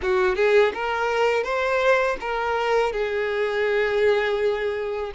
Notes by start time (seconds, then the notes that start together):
0.02 F#4
0.35 G#4
0.74 A#4
1.43 C5
2.20 A#4
2.92 G#4